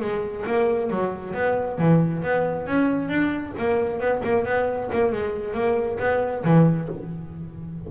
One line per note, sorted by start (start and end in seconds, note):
0.00 0.44 G#3
0.46 0.90 A#3
0.90 1.34 F#3
1.34 1.78 B3
1.78 2.22 E3
2.23 2.66 B3
2.66 3.08 C#4
3.08 3.53 D4
3.58 3.99 A#3
3.99 4.22 B3
4.23 4.45 A#3
4.45 4.89 B3
4.92 5.12 A#3
5.12 5.54 G#3
5.54 5.98 A#3
5.99 6.43 B3
6.44 6.88 E3